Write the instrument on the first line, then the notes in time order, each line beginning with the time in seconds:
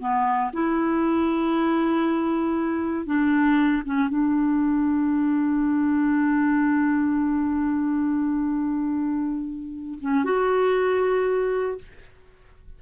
clarinet
0.00 B3
0.53 E4
3.06 D4
3.86 C#4
4.09 D4
10.02 C#4
10.24 F#4